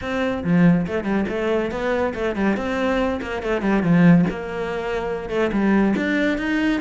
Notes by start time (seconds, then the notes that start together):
0.01 C4
0.44 F3
0.86 A3
1.04 G3
1.28 A3
1.71 B3
2.14 A3
2.35 G3
2.56 C4
3.21 A#3
3.42 A3
3.61 G3
3.82 F3
4.30 A#3
5.29 A3
5.52 G3
5.96 D4
6.38 D#4